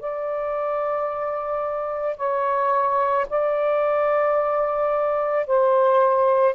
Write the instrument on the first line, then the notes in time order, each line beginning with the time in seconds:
saxophone
0.00 D5
2.17 C#5
3.30 D5
5.47 C5